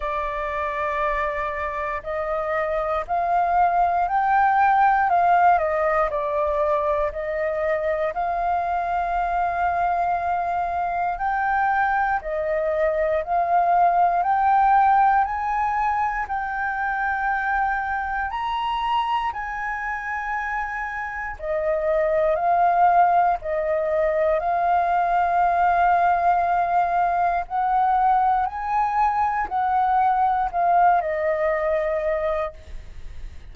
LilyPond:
\new Staff \with { instrumentName = "flute" } { \time 4/4 \tempo 4 = 59 d''2 dis''4 f''4 | g''4 f''8 dis''8 d''4 dis''4 | f''2. g''4 | dis''4 f''4 g''4 gis''4 |
g''2 ais''4 gis''4~ | gis''4 dis''4 f''4 dis''4 | f''2. fis''4 | gis''4 fis''4 f''8 dis''4. | }